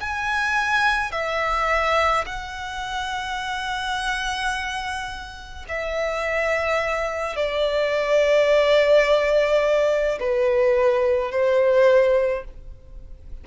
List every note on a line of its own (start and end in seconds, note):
0.00 1.12 G#5
1.12 2.25 E5
2.26 5.66 F#5
5.68 7.35 E5
7.35 10.18 D5
10.19 11.31 B4
11.31 12.44 C5